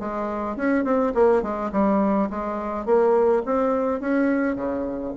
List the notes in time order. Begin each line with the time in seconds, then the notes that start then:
0.00 G#3
0.56 C#4
0.84 C4
1.15 A#3
1.43 G#3
1.72 G3
2.30 G#3
2.86 A#3
3.46 C4
4.01 C#4
4.56 C#3